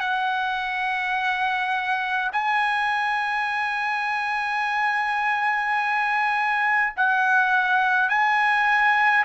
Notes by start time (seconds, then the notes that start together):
0.00 F#5
2.33 G#5
6.97 F#5
8.09 G#5